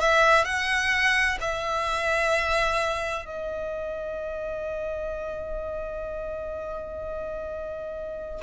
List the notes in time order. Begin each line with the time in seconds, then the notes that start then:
0.00 E5
0.44 F#5
1.40 E5
3.25 D#5